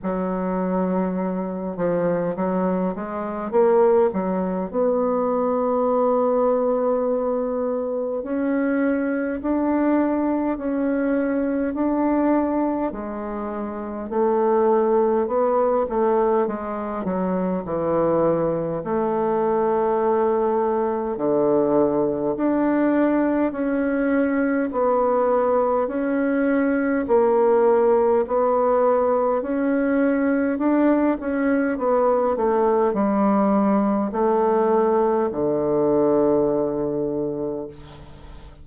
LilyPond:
\new Staff \with { instrumentName = "bassoon" } { \time 4/4 \tempo 4 = 51 fis4. f8 fis8 gis8 ais8 fis8 | b2. cis'4 | d'4 cis'4 d'4 gis4 | a4 b8 a8 gis8 fis8 e4 |
a2 d4 d'4 | cis'4 b4 cis'4 ais4 | b4 cis'4 d'8 cis'8 b8 a8 | g4 a4 d2 | }